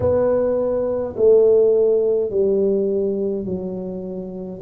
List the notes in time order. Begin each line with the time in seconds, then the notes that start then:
0.00 B3
1.16 A3
2.30 G3
3.45 F#3